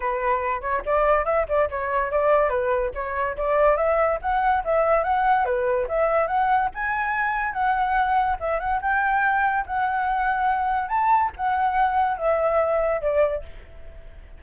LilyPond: \new Staff \with { instrumentName = "flute" } { \time 4/4 \tempo 4 = 143 b'4. cis''8 d''4 e''8 d''8 | cis''4 d''4 b'4 cis''4 | d''4 e''4 fis''4 e''4 | fis''4 b'4 e''4 fis''4 |
gis''2 fis''2 | e''8 fis''8 g''2 fis''4~ | fis''2 a''4 fis''4~ | fis''4 e''2 d''4 | }